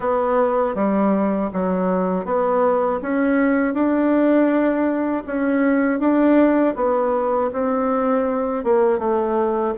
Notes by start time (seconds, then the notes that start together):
0.00 B3
0.75 G3
1.53 F#3
2.25 B3
3.01 C#4
3.73 D4
5.26 C#4
5.99 D4
6.75 B3
7.52 C4
8.64 A#3
8.99 A3